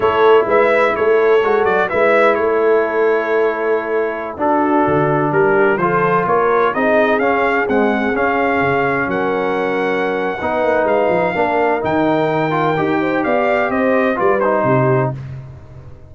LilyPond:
<<
  \new Staff \with { instrumentName = "trumpet" } { \time 4/4 \tempo 4 = 127 cis''4 e''4 cis''4. d''8 | e''4 cis''2.~ | cis''4~ cis''16 a'2 ais'8.~ | ais'16 c''4 cis''4 dis''4 f''8.~ |
f''16 fis''4 f''2 fis''8.~ | fis''2. f''4~ | f''4 g''2. | f''4 dis''4 d''8 c''4. | }
  \new Staff \with { instrumentName = "horn" } { \time 4/4 a'4 b'4 a'2 | b'4 a'2.~ | a'4~ a'16 fis'2 g'8.~ | g'16 a'4 ais'4 gis'4.~ gis'16~ |
gis'2.~ gis'16 ais'8.~ | ais'2 b'2 | ais'2.~ ais'8 c''8 | d''4 c''4 b'4 g'4 | }
  \new Staff \with { instrumentName = "trombone" } { \time 4/4 e'2. fis'4 | e'1~ | e'4~ e'16 d'2~ d'8.~ | d'16 f'2 dis'4 cis'8.~ |
cis'16 gis4 cis'2~ cis'8.~ | cis'2 dis'2 | d'4 dis'4. f'8 g'4~ | g'2 f'8 dis'4. | }
  \new Staff \with { instrumentName = "tuba" } { \time 4/4 a4 gis4 a4 gis8 fis8 | gis4 a2.~ | a4~ a16 d'4 d4 g8.~ | g16 f4 ais4 c'4 cis'8.~ |
cis'16 c'4 cis'4 cis4 fis8.~ | fis2 b8 ais8 gis8 f8 | ais4 dis2 dis'4 | b4 c'4 g4 c4 | }
>>